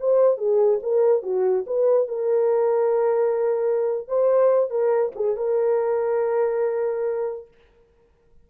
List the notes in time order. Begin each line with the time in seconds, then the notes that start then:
0.00 C5
0.38 G#4
0.83 A#4
1.23 F#4
1.67 B4
2.08 A#4
4.08 C5
4.70 A#4
5.15 G#4
5.37 A#4